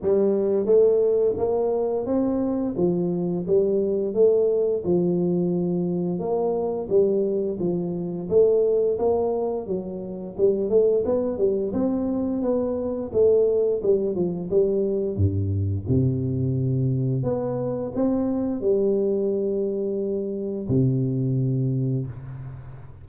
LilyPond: \new Staff \with { instrumentName = "tuba" } { \time 4/4 \tempo 4 = 87 g4 a4 ais4 c'4 | f4 g4 a4 f4~ | f4 ais4 g4 f4 | a4 ais4 fis4 g8 a8 |
b8 g8 c'4 b4 a4 | g8 f8 g4 g,4 c4~ | c4 b4 c'4 g4~ | g2 c2 | }